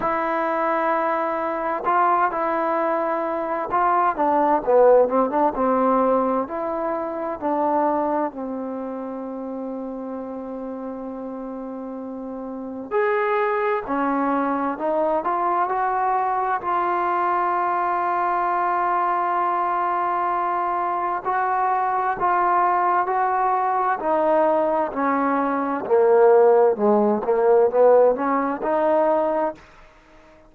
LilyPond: \new Staff \with { instrumentName = "trombone" } { \time 4/4 \tempo 4 = 65 e'2 f'8 e'4. | f'8 d'8 b8 c'16 d'16 c'4 e'4 | d'4 c'2.~ | c'2 gis'4 cis'4 |
dis'8 f'8 fis'4 f'2~ | f'2. fis'4 | f'4 fis'4 dis'4 cis'4 | ais4 gis8 ais8 b8 cis'8 dis'4 | }